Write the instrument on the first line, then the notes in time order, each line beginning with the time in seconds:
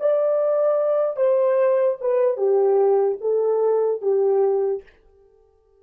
horn
0.00 D5
1.16 C5
2.01 B4
2.37 G4
3.21 A4
4.02 G4